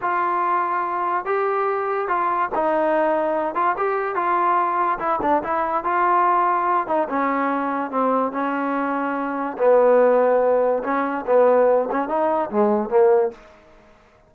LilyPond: \new Staff \with { instrumentName = "trombone" } { \time 4/4 \tempo 4 = 144 f'2. g'4~ | g'4 f'4 dis'2~ | dis'8 f'8 g'4 f'2 | e'8 d'8 e'4 f'2~ |
f'8 dis'8 cis'2 c'4 | cis'2. b4~ | b2 cis'4 b4~ | b8 cis'8 dis'4 gis4 ais4 | }